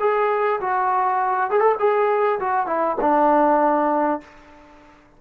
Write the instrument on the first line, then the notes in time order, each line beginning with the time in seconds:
trombone
0.00 G#4
0.61 F#4
1.50 G#4
1.60 A4
1.79 G#4
2.39 F#4
2.66 E4
3.01 D4